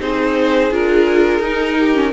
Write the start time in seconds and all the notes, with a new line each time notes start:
0.00 C4 D#4 G#4 C5
0.71 D4 F4 A#4
1.40 D#4
1.78 G4
1.95 C#4